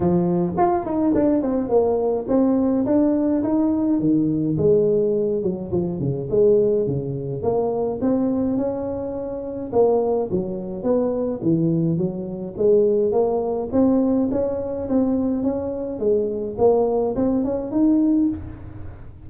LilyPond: \new Staff \with { instrumentName = "tuba" } { \time 4/4 \tempo 4 = 105 f4 f'8 dis'8 d'8 c'8 ais4 | c'4 d'4 dis'4 dis4 | gis4. fis8 f8 cis8 gis4 | cis4 ais4 c'4 cis'4~ |
cis'4 ais4 fis4 b4 | e4 fis4 gis4 ais4 | c'4 cis'4 c'4 cis'4 | gis4 ais4 c'8 cis'8 dis'4 | }